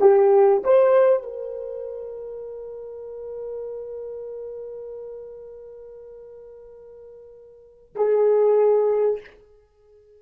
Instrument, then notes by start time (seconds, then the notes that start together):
horn
0.00 G4
0.63 C5
1.23 A#4
7.95 G#4